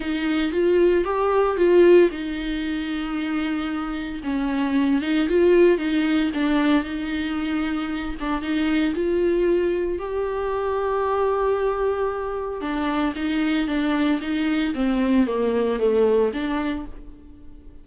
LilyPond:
\new Staff \with { instrumentName = "viola" } { \time 4/4 \tempo 4 = 114 dis'4 f'4 g'4 f'4 | dis'1 | cis'4. dis'8 f'4 dis'4 | d'4 dis'2~ dis'8 d'8 |
dis'4 f'2 g'4~ | g'1 | d'4 dis'4 d'4 dis'4 | c'4 ais4 a4 d'4 | }